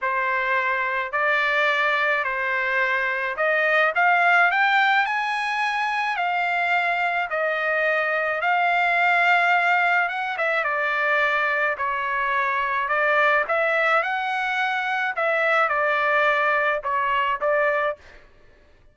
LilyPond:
\new Staff \with { instrumentName = "trumpet" } { \time 4/4 \tempo 4 = 107 c''2 d''2 | c''2 dis''4 f''4 | g''4 gis''2 f''4~ | f''4 dis''2 f''4~ |
f''2 fis''8 e''8 d''4~ | d''4 cis''2 d''4 | e''4 fis''2 e''4 | d''2 cis''4 d''4 | }